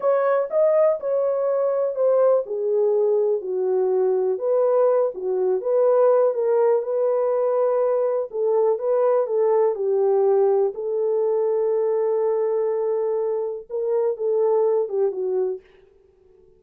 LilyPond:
\new Staff \with { instrumentName = "horn" } { \time 4/4 \tempo 4 = 123 cis''4 dis''4 cis''2 | c''4 gis'2 fis'4~ | fis'4 b'4. fis'4 b'8~ | b'4 ais'4 b'2~ |
b'4 a'4 b'4 a'4 | g'2 a'2~ | a'1 | ais'4 a'4. g'8 fis'4 | }